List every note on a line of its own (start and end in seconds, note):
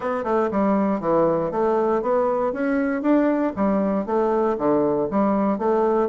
0.00 0.24 B3
0.24 0.49 A3
0.51 1.00 G3
1.00 1.51 E3
1.51 2.02 A3
2.02 2.52 B3
2.52 3.02 C#4
3.02 3.52 D4
3.55 4.06 G3
4.06 4.56 A3
4.58 5.08 D3
5.10 5.58 G3
5.58 6.09 A3